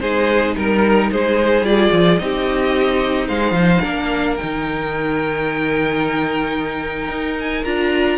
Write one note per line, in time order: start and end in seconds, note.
0.00 0.56 G#3
0.00 1.65 D#4
0.00 0.56 G#4
0.00 0.55 C5
0.56 1.11 G3
0.56 1.11 A#4
0.56 1.12 A#4
1.12 1.62 G#3
1.12 2.21 G#4
1.12 1.65 C5
1.62 1.89 G3
1.62 2.19 F4
1.62 2.18 D5
1.92 2.20 F3
2.18 3.29 C4
2.18 3.82 D#4
2.18 3.28 G4
2.18 3.27 D#5
3.28 3.52 G#3
3.28 3.81 C5
3.28 4.37 F5
3.52 3.79 F3
3.81 4.39 A#3
3.81 4.37 D4
3.81 8.18 A#4
4.37 7.08 D#3
4.37 7.66 D#4
4.37 7.37 G5
7.08 7.63 D#4
7.40 7.64 G#5
7.64 8.18 D4
7.64 8.18 F4
7.64 8.18 A#5